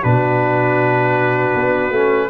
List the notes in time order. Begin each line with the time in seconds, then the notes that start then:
0.00 B2 D4 F#4 B4
1.55 B3
1.91 A3 C#4